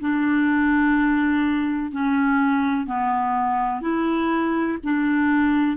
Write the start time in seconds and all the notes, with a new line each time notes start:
0.00 D4
1.91 C#4
2.86 B3
3.81 E4
4.83 D4